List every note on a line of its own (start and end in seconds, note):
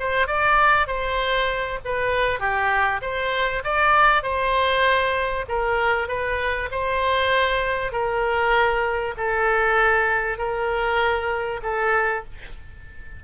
0.00 0.28 C5
0.28 0.88 D5
0.88 1.79 C5
1.85 2.40 B4
2.40 3.01 G4
3.02 3.63 C5
3.64 4.23 D5
4.23 5.45 C5
5.49 6.08 A#4
6.08 6.70 B4
6.72 7.93 C5
7.93 9.15 A#4
9.18 10.38 A4
10.38 11.61 A#4
11.63 12.24 A4